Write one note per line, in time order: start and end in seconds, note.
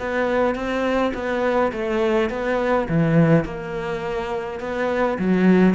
0.00 0.55 B3
0.55 1.13 C4
1.15 1.72 B3
1.73 2.30 A3
2.31 2.88 B3
2.89 3.45 E3
3.45 4.60 A#3
4.60 5.18 B3
5.19 5.75 F#3